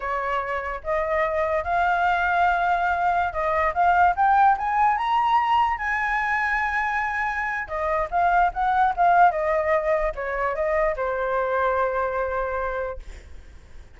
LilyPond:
\new Staff \with { instrumentName = "flute" } { \time 4/4 \tempo 4 = 148 cis''2 dis''2 | f''1~ | f''16 dis''4 f''4 g''4 gis''8.~ | gis''16 ais''2 gis''4.~ gis''16~ |
gis''2. dis''4 | f''4 fis''4 f''4 dis''4~ | dis''4 cis''4 dis''4 c''4~ | c''1 | }